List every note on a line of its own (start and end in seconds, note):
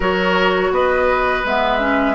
0.00 0.70 F#3
0.00 1.44 F#4
0.00 0.71 A#4
0.00 0.73 C#5
0.70 1.42 B3
0.70 2.15 B4
0.70 1.46 D#5
1.45 2.15 G#3
1.45 1.79 B3
1.45 2.15 E5
1.79 2.15 C#4